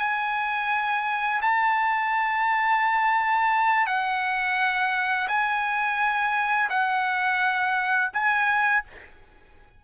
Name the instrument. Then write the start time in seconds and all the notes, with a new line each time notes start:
trumpet
0.00 G#5
1.42 A5
3.87 F#5
5.28 G#5
6.70 F#5
8.14 G#5